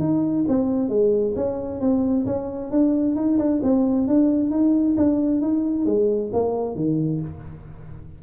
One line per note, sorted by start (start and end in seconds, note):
0.00 0.45 D#4
0.48 0.89 C4
0.89 1.34 G#3
1.36 1.81 C#4
1.81 2.26 C4
2.26 2.71 C#4
2.71 3.16 D4
3.16 3.38 D#4
3.39 3.61 D4
3.63 4.08 C4
4.08 4.51 D4
4.51 4.96 D#4
4.97 5.42 D4
5.42 5.86 D#4
5.86 6.31 G#3
6.33 6.75 A#3
6.75 7.20 D#3